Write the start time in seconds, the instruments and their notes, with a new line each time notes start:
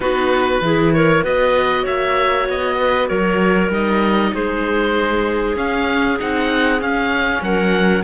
0.00 cello B3, viola D#4, clarinet F#4, oboe B4
0.61 cello E3, viola E4, clarinet G#4
0.93 clarinet A#4, oboe C#5
1.23 cello B3, viola F#4, clarinet B4, oboe D#5
1.83 cello A#3, clarinet C#5, oboe E5
2.48 cello B3, oboe D#5
2.80 clarinet B4
3.08 cello F#3, clarinet A#4, oboe C#5
3.69 cello G3, viola D#4, oboe D#5
4.33 cello G#3, clarinet G#4, oboe C5
5.55 viola C#4, cello C#4, oboe F5
6.20 cello C4, viola D#4, oboe F#5
6.79 viola C#4, cello C#4, oboe F5
7.41 cello F#3, clarinet A#4, oboe F#5